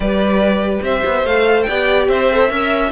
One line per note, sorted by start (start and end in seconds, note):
0.00 0.79 G3
0.00 1.27 G4
0.00 0.84 B4
0.00 0.83 D5
0.82 1.02 C4
0.82 1.67 C5
0.82 1.26 E5
1.05 1.23 B3
1.23 1.65 A3
1.23 1.69 A4
1.23 1.62 F5
1.62 2.08 D5
1.62 2.04 G5
1.69 2.08 B3
1.69 2.31 G4
2.08 2.50 C4
2.08 2.50 C5
2.08 2.91 E5
2.31 2.48 A4
2.48 2.91 C#4
2.48 2.90 A#4
2.48 2.91 E5